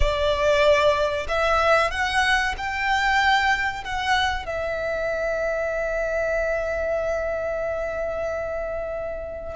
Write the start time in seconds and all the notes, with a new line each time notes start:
0.00 D5
1.28 E5
1.91 F#5
2.57 G5
3.84 F#5
4.45 E5